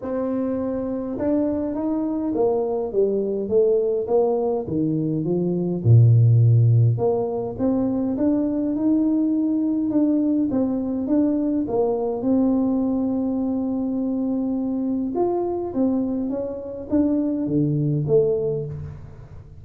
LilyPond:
\new Staff \with { instrumentName = "tuba" } { \time 4/4 \tempo 4 = 103 c'2 d'4 dis'4 | ais4 g4 a4 ais4 | dis4 f4 ais,2 | ais4 c'4 d'4 dis'4~ |
dis'4 d'4 c'4 d'4 | ais4 c'2.~ | c'2 f'4 c'4 | cis'4 d'4 d4 a4 | }